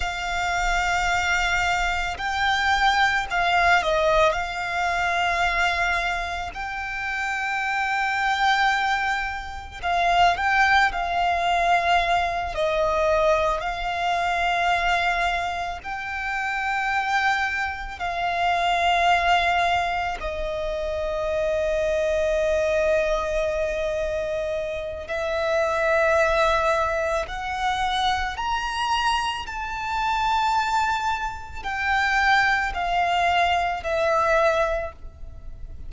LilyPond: \new Staff \with { instrumentName = "violin" } { \time 4/4 \tempo 4 = 55 f''2 g''4 f''8 dis''8 | f''2 g''2~ | g''4 f''8 g''8 f''4. dis''8~ | dis''8 f''2 g''4.~ |
g''8 f''2 dis''4.~ | dis''2. e''4~ | e''4 fis''4 ais''4 a''4~ | a''4 g''4 f''4 e''4 | }